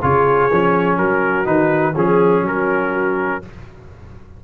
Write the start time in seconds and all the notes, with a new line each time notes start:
0.00 C#3 F4 G#4 C#5
0.51 F3 C#4
0.97 F#3 F#4 A#4
1.45 D#3 D#4 B4
1.94 F3 C#4 G#4
2.41 F#3 F#4 A#4